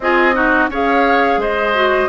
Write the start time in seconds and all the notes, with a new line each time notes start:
0.00 C4 F4 G#4 D#5
0.34 D#4 F#4
0.68 C#4 G#4 C#5 F5
1.37 G#3 C5 D#5
1.74 F#4